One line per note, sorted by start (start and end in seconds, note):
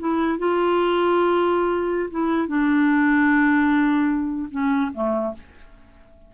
0.00 0.39 E4
0.39 2.10 F4
2.11 2.48 E4
2.48 4.50 D4
4.52 4.92 C#4
4.94 5.34 A3